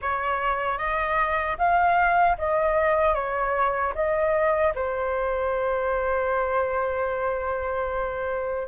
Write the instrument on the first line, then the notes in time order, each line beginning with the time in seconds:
flute
0.01 C#5
0.78 D#5
1.58 F5
2.38 D#5
3.14 C#5
3.94 D#5
4.74 C5